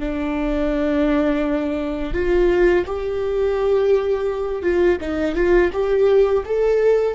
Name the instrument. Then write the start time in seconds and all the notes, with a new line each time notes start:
viola
0.00 D4
2.14 F4
2.86 G4
4.63 F4
5.01 D#4
5.35 F4
5.73 G4
6.46 A4